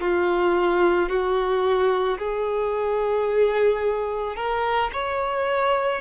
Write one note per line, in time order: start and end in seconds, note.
0.00 1.09 F4
1.09 2.18 F#4
2.18 4.35 G#4
4.35 4.90 A#4
4.92 6.01 C#5